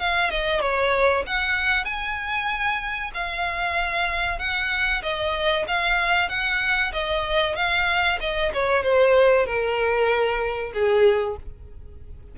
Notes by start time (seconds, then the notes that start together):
0.00 F5
0.30 D#5
0.60 C#5
1.26 F#5
1.85 G#5
3.14 F5
4.39 F#5
5.02 D#5
5.68 F5
6.29 F#5
6.93 D#5
7.55 F5
8.20 D#5
8.53 C#5
8.83 C5
9.46 A#4
10.73 G#4